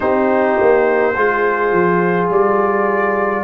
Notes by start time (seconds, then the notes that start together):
0.00 C4 D#4 G4 C5
0.61 A#3
1.16 G#3 F4 G#4
1.72 F3
2.30 G3 D5